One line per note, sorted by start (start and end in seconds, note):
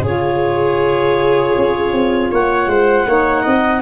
0.00 1.52 C#3
0.00 3.06 F4
0.00 2.30 G#4
0.00 2.32 C#5
1.57 1.92 C#4
1.92 2.30 C4
2.31 2.66 A#3
2.31 2.69 C#5
2.31 3.81 F#5
2.66 3.04 G#3
2.66 3.07 C5
3.06 3.45 A#3
3.06 3.81 D#4
3.06 3.42 C#5
3.42 3.81 C4
3.42 3.80 D#5